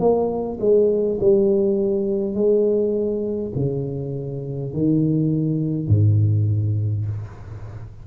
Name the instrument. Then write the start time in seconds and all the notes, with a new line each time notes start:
tuba
0.00 A#3
0.60 G#3
1.21 G3
2.35 G#3
3.56 C#3
4.73 D#3
5.88 G#2